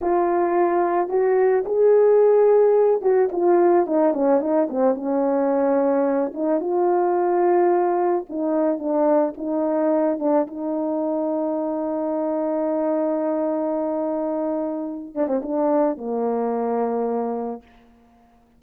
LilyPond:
\new Staff \with { instrumentName = "horn" } { \time 4/4 \tempo 4 = 109 f'2 fis'4 gis'4~ | gis'4. fis'8 f'4 dis'8 cis'8 | dis'8 c'8 cis'2~ cis'8 dis'8 | f'2. dis'4 |
d'4 dis'4. d'8 dis'4~ | dis'1~ | dis'2.~ dis'8 d'16 c'16 | d'4 ais2. | }